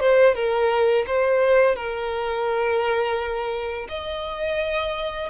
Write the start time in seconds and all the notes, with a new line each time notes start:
0.00 C5
0.35 A#4
1.07 C5
1.76 A#4
3.89 D#5